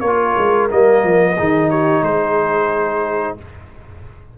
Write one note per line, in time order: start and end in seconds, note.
0.00 0.34 A#3
0.00 1.37 A#4
0.00 0.67 C#5
0.06 0.70 F4
0.37 0.70 G#3
0.70 1.03 G3
0.70 1.37 A#3
0.70 1.70 D#5
1.03 1.37 F3
1.37 2.02 D#3
1.37 3.37 D#4
1.37 1.69 G#4
1.69 2.02 G4
1.69 2.03 C#5
2.02 3.35 G#3
2.02 3.36 G#4
2.02 3.37 C5